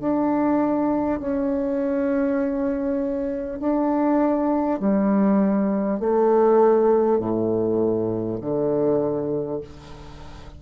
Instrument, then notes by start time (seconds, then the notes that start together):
bassoon
0.00 D4
1.19 C#4
3.60 D4
4.79 G3
5.99 A3
7.19 A2
8.41 D3